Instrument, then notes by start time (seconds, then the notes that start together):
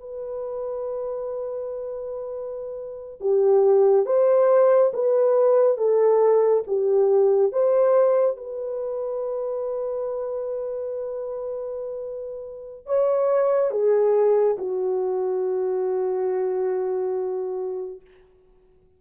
horn
0.00 B4
3.21 G4
4.06 C5
4.93 B4
5.78 A4
6.67 G4
7.52 C5
8.37 B4
12.86 C#5
13.71 G#4
14.58 F#4